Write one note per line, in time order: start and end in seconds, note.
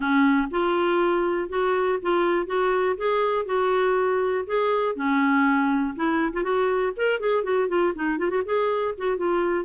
0.00 0.48 C#4
0.50 1.49 F4
1.49 1.98 F#4
2.02 2.46 F4
2.46 2.96 F#4
2.97 3.45 G#4
3.45 4.44 F#4
4.46 4.95 G#4
4.95 5.95 C#4
5.95 6.32 E4
6.33 6.43 F4
6.43 6.92 F#4
6.96 7.19 A#4
7.19 7.43 G#4
7.43 7.68 F#4
7.68 7.93 F4
7.95 8.18 D#4
8.18 8.30 F4
8.30 8.42 F#4
8.45 8.94 G#4
8.97 9.17 F#4
9.17 9.65 F4